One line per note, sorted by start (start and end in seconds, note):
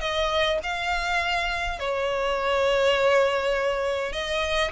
0.00 0.59 D#5
0.63 1.79 F5
1.79 4.12 C#5
4.12 4.71 D#5